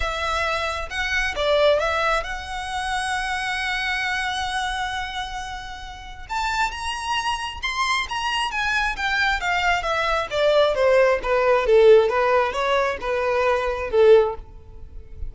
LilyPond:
\new Staff \with { instrumentName = "violin" } { \time 4/4 \tempo 4 = 134 e''2 fis''4 d''4 | e''4 fis''2.~ | fis''1~ | fis''2 a''4 ais''4~ |
ais''4 c'''4 ais''4 gis''4 | g''4 f''4 e''4 d''4 | c''4 b'4 a'4 b'4 | cis''4 b'2 a'4 | }